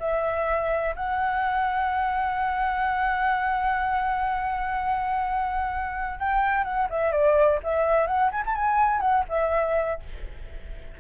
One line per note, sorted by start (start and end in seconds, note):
0.00 0.95 E5
0.96 6.20 F#5
6.20 6.64 G5
6.64 6.88 F#5
6.90 7.12 E5
7.12 7.60 D5
7.64 8.08 E5
8.08 8.31 F#5
8.32 8.44 G#5
8.46 8.55 A5
8.55 9.01 G#5
9.01 9.25 F#5
9.29 10.01 E5